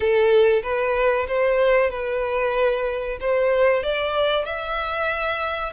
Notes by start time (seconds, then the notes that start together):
0.00 A4
0.62 B4
1.27 C5
1.90 B4
3.20 C5
3.83 D5
4.45 E5